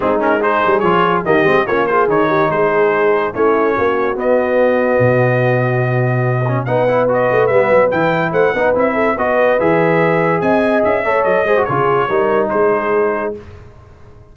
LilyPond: <<
  \new Staff \with { instrumentName = "trumpet" } { \time 4/4 \tempo 4 = 144 gis'8 ais'8 c''4 cis''4 dis''4 | cis''8 c''8 cis''4 c''2 | cis''2 dis''2~ | dis''1 |
fis''4 dis''4 e''4 g''4 | fis''4 e''4 dis''4 e''4~ | e''4 gis''4 e''4 dis''4 | cis''2 c''2 | }
  \new Staff \with { instrumentName = "horn" } { \time 4/4 dis'4 gis'2 g'4 | f'8 gis'4 g'8 gis'2 | e'4 fis'2.~ | fis'1 |
b'1 | c''8 b'4 a'8 b'2~ | b'4 dis''4. cis''4 c''8 | gis'4 ais'4 gis'2 | }
  \new Staff \with { instrumentName = "trombone" } { \time 4/4 c'8 cis'8 dis'4 f'4 ais8 c'8 | cis'8 f'8 dis'2. | cis'2 b2~ | b2.~ b8 cis'8 |
dis'8 e'8 fis'4 b4 e'4~ | e'8 dis'8 e'4 fis'4 gis'4~ | gis'2~ gis'8 a'4 gis'16 fis'16 | f'4 dis'2. | }
  \new Staff \with { instrumentName = "tuba" } { \time 4/4 gis4. g8 f4 dis8 gis8 | ais4 dis4 gis2 | a4 ais4 b2 | b,1 |
b4. a8 g8 fis8 e4 | a8 b8 c'4 b4 e4~ | e4 c'4 cis'8 a8 fis8 gis8 | cis4 g4 gis2 | }
>>